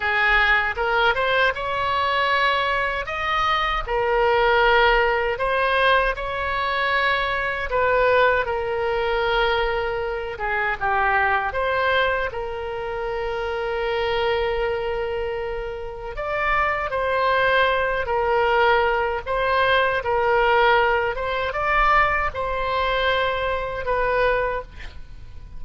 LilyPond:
\new Staff \with { instrumentName = "oboe" } { \time 4/4 \tempo 4 = 78 gis'4 ais'8 c''8 cis''2 | dis''4 ais'2 c''4 | cis''2 b'4 ais'4~ | ais'4. gis'8 g'4 c''4 |
ais'1~ | ais'4 d''4 c''4. ais'8~ | ais'4 c''4 ais'4. c''8 | d''4 c''2 b'4 | }